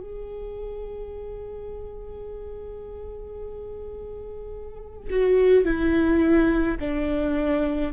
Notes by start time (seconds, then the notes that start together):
0.00 G#4
5.10 F#4
5.65 E4
6.80 D4